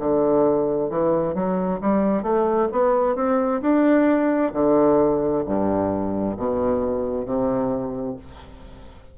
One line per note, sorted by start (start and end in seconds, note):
0.00 0.90 D3
0.90 1.35 E3
1.35 1.80 F#3
1.81 2.23 G3
2.23 2.69 A3
2.72 3.16 B3
3.16 3.62 C4
3.62 4.53 D4
4.53 5.44 D3
5.46 6.37 G2
6.38 7.26 B2
7.26 8.17 C3